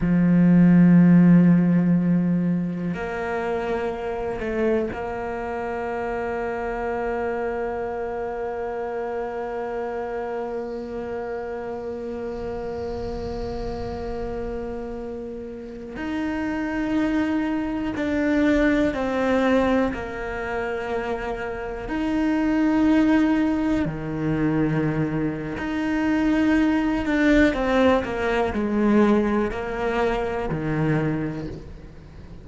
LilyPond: \new Staff \with { instrumentName = "cello" } { \time 4/4 \tempo 4 = 61 f2. ais4~ | ais8 a8 ais2.~ | ais1~ | ais1~ |
ais16 dis'2 d'4 c'8.~ | c'16 ais2 dis'4.~ dis'16~ | dis'16 dis4.~ dis16 dis'4. d'8 | c'8 ais8 gis4 ais4 dis4 | }